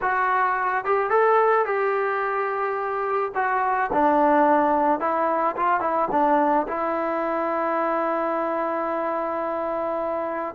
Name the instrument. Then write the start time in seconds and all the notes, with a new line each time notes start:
trombone
0.01 F#4
0.84 G4
1.10 A4
1.65 G4
3.34 F#4
3.92 D4
5.00 E4
5.56 F4
5.80 E4
6.11 D4
6.67 E4